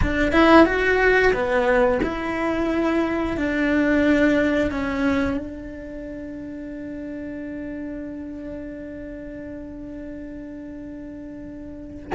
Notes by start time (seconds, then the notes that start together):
0.02 D4
0.32 E4
0.65 F#4
1.33 B3
2.03 E4
3.37 D4
4.71 C#4
5.37 D4